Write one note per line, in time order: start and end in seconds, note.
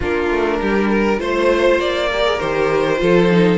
0.00 0.30 A#3
0.00 1.18 D4
0.00 0.57 F4
0.00 1.20 A#4
0.30 0.60 A3
0.61 1.19 G3
0.61 0.89 G4
0.89 1.19 A#4
1.18 1.79 A3
1.18 2.08 F4
1.18 2.09 C5
1.18 1.80 C5
1.79 2.39 A#3
1.79 2.40 D5
2.10 2.24 G4
2.10 3.00 A#4
2.24 2.39 G#4
2.40 3.01 D#3
2.40 2.97 G4
2.40 3.58 C5
2.97 3.58 F3
2.97 3.27 F4
2.97 3.58 A4
3.31 3.58 D#4